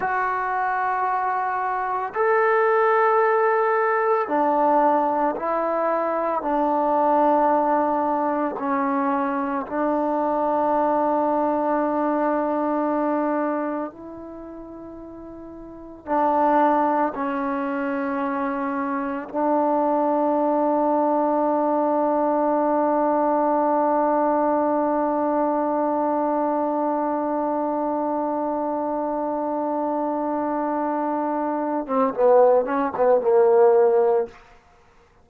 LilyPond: \new Staff \with { instrumentName = "trombone" } { \time 4/4 \tempo 4 = 56 fis'2 a'2 | d'4 e'4 d'2 | cis'4 d'2.~ | d'4 e'2 d'4 |
cis'2 d'2~ | d'1~ | d'1~ | d'4.~ d'16 c'16 b8 cis'16 b16 ais4 | }